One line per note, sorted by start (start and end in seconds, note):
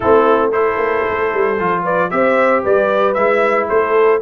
0.00 0.77 A3
0.00 0.51 C4
0.00 0.52 E4
0.00 0.51 A4
0.51 1.57 E4
0.51 1.83 A4
0.51 1.84 C5
0.77 1.03 A#3
1.09 1.33 A3
1.33 1.59 G3
1.59 2.11 F3
1.59 2.10 F4
1.83 2.09 B4
1.83 2.10 D5
2.10 2.64 C4
2.10 3.15 G4
2.10 2.63 C5
2.10 2.63 E5
2.63 3.16 G3
2.63 3.68 B4
2.63 3.14 D5
3.14 3.69 G#3
3.14 4.21 E4
3.14 3.66 E5
3.68 4.21 A3
3.68 4.21 A4
3.68 4.21 C5